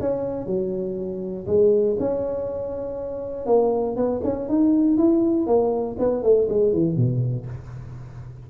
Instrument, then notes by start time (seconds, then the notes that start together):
tuba
0.00 C#4
0.46 F#3
1.47 G#3
2.00 C#4
3.46 A#3
3.96 B3
4.24 C#4
4.49 D#4
4.97 E4
5.47 A#3
5.99 B3
6.23 A3
6.49 G#3
6.73 E3
6.96 B2